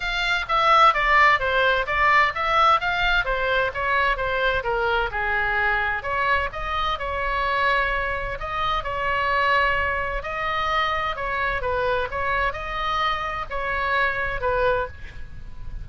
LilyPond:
\new Staff \with { instrumentName = "oboe" } { \time 4/4 \tempo 4 = 129 f''4 e''4 d''4 c''4 | d''4 e''4 f''4 c''4 | cis''4 c''4 ais'4 gis'4~ | gis'4 cis''4 dis''4 cis''4~ |
cis''2 dis''4 cis''4~ | cis''2 dis''2 | cis''4 b'4 cis''4 dis''4~ | dis''4 cis''2 b'4 | }